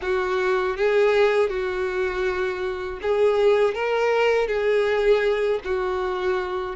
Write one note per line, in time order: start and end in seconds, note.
0.01 0.76 F#4
0.76 1.49 G#4
1.49 2.99 F#4
3.01 3.74 G#4
3.74 4.47 A#4
4.47 5.60 G#4
5.64 6.75 F#4